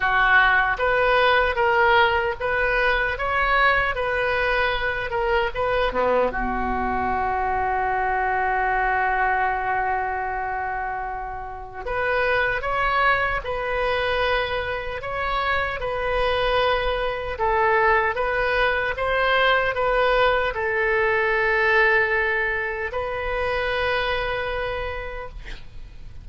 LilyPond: \new Staff \with { instrumentName = "oboe" } { \time 4/4 \tempo 4 = 76 fis'4 b'4 ais'4 b'4 | cis''4 b'4. ais'8 b'8 b8 | fis'1~ | fis'2. b'4 |
cis''4 b'2 cis''4 | b'2 a'4 b'4 | c''4 b'4 a'2~ | a'4 b'2. | }